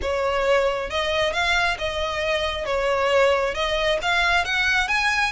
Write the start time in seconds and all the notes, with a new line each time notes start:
0.01 C#5
0.89 D#5
1.33 F5
1.78 D#5
2.65 C#5
3.54 D#5
4.02 F5
4.44 F#5
4.88 G#5